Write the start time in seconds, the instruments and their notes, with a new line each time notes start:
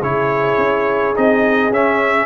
0.00 tuba C#3, trombone E4, horn G#4, trumpet C#5
0.58 tuba C#4
1.14 tuba C4, trombone D#4, trumpet D#5
1.71 tuba C#4, trombone C#4, trumpet E5